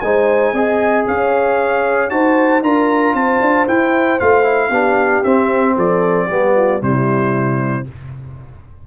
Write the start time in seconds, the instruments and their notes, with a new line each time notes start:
0.00 tuba G#3, trombone D#4, horn C5, trumpet G#5
0.53 tuba C4, trombone G#4, horn D#5
1.07 tuba C#4, horn C#5, trumpet F5
2.09 tuba D#4, trombone F#4, horn C5, trumpet A5
2.62 tuba D4, trombone F4, horn A#4, trumpet A#5
3.14 tuba C4, horn C5, trumpet A5
3.41 tuba D4
3.67 trombone E4, tuba E4, trumpet G5
4.19 tuba A3, trombone F4, trumpet F5
4.43 trombone E4
4.69 tuba B3, trombone D4, horn G4
5.23 tuba C4, trombone C4, trumpet E5
5.76 tuba F3, horn A4, trumpet D5
6.27 tuba G3, trombone B3, horn G4
6.56 horn F4
6.80 tuba C3, trombone G3, horn E4, trumpet C5